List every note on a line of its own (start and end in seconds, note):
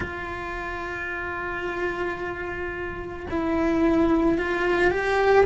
0.00 3.26 F4
3.30 4.37 E4
4.37 4.90 F4
4.90 5.45 G4